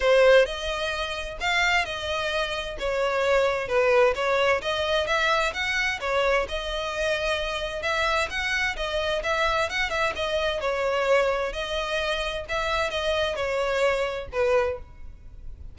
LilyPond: \new Staff \with { instrumentName = "violin" } { \time 4/4 \tempo 4 = 130 c''4 dis''2 f''4 | dis''2 cis''2 | b'4 cis''4 dis''4 e''4 | fis''4 cis''4 dis''2~ |
dis''4 e''4 fis''4 dis''4 | e''4 fis''8 e''8 dis''4 cis''4~ | cis''4 dis''2 e''4 | dis''4 cis''2 b'4 | }